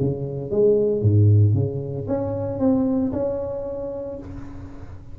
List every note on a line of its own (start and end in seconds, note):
0.00 0.51 C#3
0.51 1.02 G#3
1.02 1.54 G#2
1.54 2.06 C#3
2.08 2.59 C#4
2.59 3.12 C4
3.12 4.18 C#4